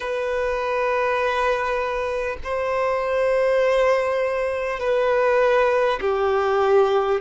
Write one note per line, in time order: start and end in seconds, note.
0.00 2.37 B4
2.43 4.79 C5
4.79 5.99 B4
6.01 7.21 G4